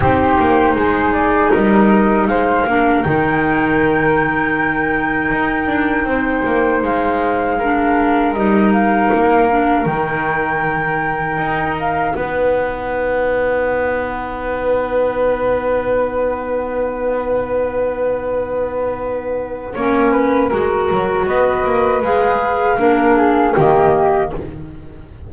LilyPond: <<
  \new Staff \with { instrumentName = "flute" } { \time 4/4 \tempo 4 = 79 c''4. d''8 dis''4 f''4 | g''1~ | g''4 f''2 dis''8 f''8~ | f''4 g''2~ g''8 f''8 |
fis''1~ | fis''1~ | fis''1 | dis''4 f''2 dis''4 | }
  \new Staff \with { instrumentName = "flute" } { \time 4/4 g'4 gis'4 ais'4 c''8 ais'8~ | ais'1 | c''2 ais'2~ | ais'1 |
b'1~ | b'1~ | b'2 cis''8 b'8 ais'4 | b'2 ais'8 gis'8 g'4 | }
  \new Staff \with { instrumentName = "clarinet" } { \time 4/4 dis'2.~ dis'8 d'8 | dis'1~ | dis'2 d'4 dis'4~ | dis'8 d'8 dis'2.~ |
dis'1~ | dis'1~ | dis'2 cis'4 fis'4~ | fis'4 gis'4 d'4 ais4 | }
  \new Staff \with { instrumentName = "double bass" } { \time 4/4 c'8 ais8 gis4 g4 gis8 ais8 | dis2. dis'8 d'8 | c'8 ais8 gis2 g4 | ais4 dis2 dis'4 |
b1~ | b1~ | b2 ais4 gis8 fis8 | b8 ais8 gis4 ais4 dis4 | }
>>